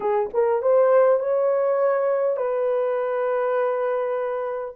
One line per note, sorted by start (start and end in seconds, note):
0.00 0.29 G#4
0.33 0.62 A#4
0.62 1.19 C5
1.19 2.36 C#5
2.36 4.74 B4